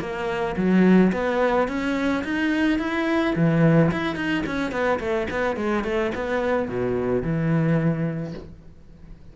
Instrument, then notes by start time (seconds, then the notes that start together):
cello
0.00 A#3
0.56 F#3
1.12 B3
1.68 C#4
2.24 D#4
2.79 E4
3.36 E3
3.91 E4
4.16 D#4
4.46 C#4
4.71 B3
4.99 A3
5.30 B3
5.56 G#3
5.84 A3
6.15 B3
6.68 B2
7.22 E3